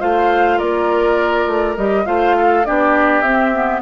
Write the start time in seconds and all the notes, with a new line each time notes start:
0.00 A3 F4 C5 F5
0.58 A#3 A#4 D5
1.46 A3
1.77 G3 G4 D#5
2.05 A3 F4 C5 F5
2.37 A4
2.65 B3 D4 G4 D5
3.22 C4 E5
3.53 B3